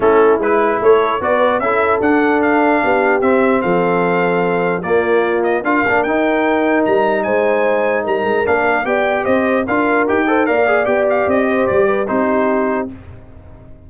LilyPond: <<
  \new Staff \with { instrumentName = "trumpet" } { \time 4/4 \tempo 4 = 149 a'4 b'4 cis''4 d''4 | e''4 fis''4 f''2 | e''4 f''2. | d''4. dis''8 f''4 g''4~ |
g''4 ais''4 gis''2 | ais''4 f''4 g''4 dis''4 | f''4 g''4 f''4 g''8 f''8 | dis''4 d''4 c''2 | }
  \new Staff \with { instrumentName = "horn" } { \time 4/4 e'2 a'4 b'4 | a'2. g'4~ | g'4 a'2. | f'2 ais'2~ |
ais'2 c''2 | ais'2 d''4 c''4 | ais'4. c''8 d''2~ | d''8 c''4 b'8 g'2 | }
  \new Staff \with { instrumentName = "trombone" } { \time 4/4 cis'4 e'2 fis'4 | e'4 d'2. | c'1 | ais2 f'8 d'8 dis'4~ |
dis'1~ | dis'4 d'4 g'2 | f'4 g'8 a'8 ais'8 gis'8 g'4~ | g'2 dis'2 | }
  \new Staff \with { instrumentName = "tuba" } { \time 4/4 a4 gis4 a4 b4 | cis'4 d'2 b4 | c'4 f2. | ais2 d'8 ais8 dis'4~ |
dis'4 g4 gis2 | g8 gis8 ais4 b4 c'4 | d'4 dis'4 ais4 b4 | c'4 g4 c'2 | }
>>